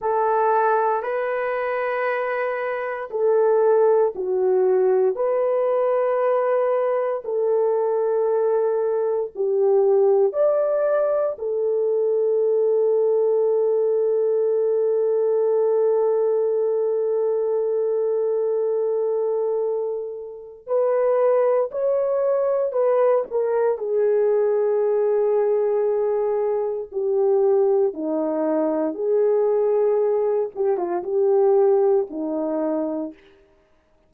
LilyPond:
\new Staff \with { instrumentName = "horn" } { \time 4/4 \tempo 4 = 58 a'4 b'2 a'4 | fis'4 b'2 a'4~ | a'4 g'4 d''4 a'4~ | a'1~ |
a'1 | b'4 cis''4 b'8 ais'8 gis'4~ | gis'2 g'4 dis'4 | gis'4. g'16 f'16 g'4 dis'4 | }